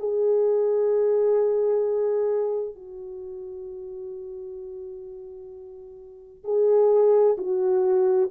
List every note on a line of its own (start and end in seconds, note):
0.00 2.75 G#4
2.75 6.44 F#4
6.44 7.37 G#4
7.38 8.30 F#4